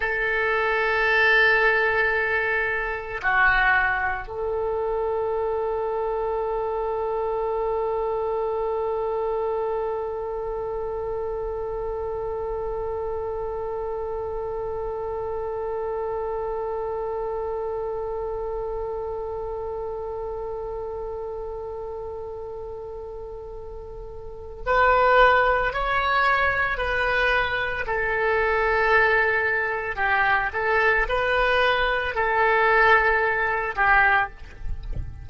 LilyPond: \new Staff \with { instrumentName = "oboe" } { \time 4/4 \tempo 4 = 56 a'2. fis'4 | a'1~ | a'1~ | a'1~ |
a'1~ | a'2. b'4 | cis''4 b'4 a'2 | g'8 a'8 b'4 a'4. g'8 | }